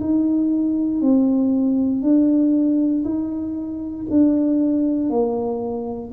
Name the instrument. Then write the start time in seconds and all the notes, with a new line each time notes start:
tuba
0.00 D#4
1.01 C4
2.02 D4
3.05 D#4
4.10 D4
5.10 A#3